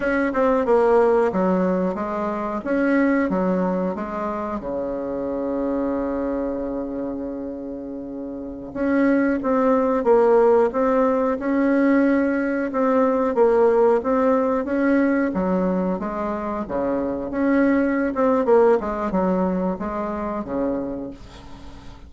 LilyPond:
\new Staff \with { instrumentName = "bassoon" } { \time 4/4 \tempo 4 = 91 cis'8 c'8 ais4 fis4 gis4 | cis'4 fis4 gis4 cis4~ | cis1~ | cis4~ cis16 cis'4 c'4 ais8.~ |
ais16 c'4 cis'2 c'8.~ | c'16 ais4 c'4 cis'4 fis8.~ | fis16 gis4 cis4 cis'4~ cis'16 c'8 | ais8 gis8 fis4 gis4 cis4 | }